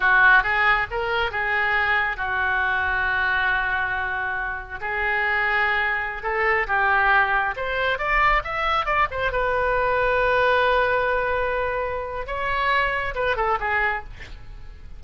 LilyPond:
\new Staff \with { instrumentName = "oboe" } { \time 4/4 \tempo 4 = 137 fis'4 gis'4 ais'4 gis'4~ | gis'4 fis'2.~ | fis'2. gis'4~ | gis'2~ gis'16 a'4 g'8.~ |
g'4~ g'16 c''4 d''4 e''8.~ | e''16 d''8 c''8 b'2~ b'8.~ | b'1 | cis''2 b'8 a'8 gis'4 | }